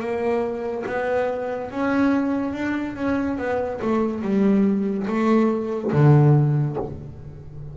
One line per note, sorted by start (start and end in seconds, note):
0.00 0.85 A#3
0.86 1.71 B3
1.71 2.54 C#4
2.54 2.96 D4
2.96 3.38 C#4
3.38 3.80 B3
3.82 4.22 A3
4.22 5.07 G3
5.07 5.92 A3
5.93 6.77 D3